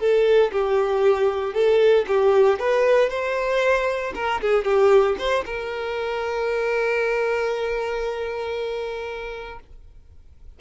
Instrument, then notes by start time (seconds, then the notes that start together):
violin
0.00 A4
0.53 G4
1.54 A4
2.08 G4
2.60 B4
3.10 C5
4.15 A#4
4.42 G#4
4.65 G4
5.19 C5
5.46 A#4